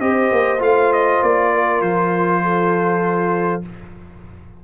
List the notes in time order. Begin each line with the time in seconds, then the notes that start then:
0.00 C4 G4 C5 D#5
0.32 A#3
0.59 A3 F4 F5
0.93 D#5
1.23 A#3 D5
1.52 A#4
1.81 F3 C5
2.43 A4